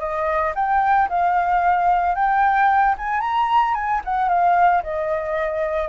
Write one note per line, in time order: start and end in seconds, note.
0.00 0.54 D#5
0.56 1.09 G5
1.09 2.16 F5
2.16 2.96 G5
2.98 3.21 G#5
3.21 3.75 A#5
3.75 4.02 G#5
4.05 4.29 F#5
4.29 4.83 F5
4.83 5.89 D#5